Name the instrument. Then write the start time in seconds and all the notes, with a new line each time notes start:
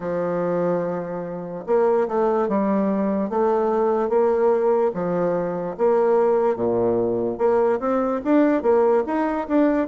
bassoon
0.00 F3
1.66 A#3
2.08 A3
2.48 G3
3.29 A3
4.09 A#3
4.94 F3
5.77 A#3
6.55 A#2
7.37 A#3
7.79 C4
8.24 D4
8.62 A#3
9.06 D#4
9.47 D4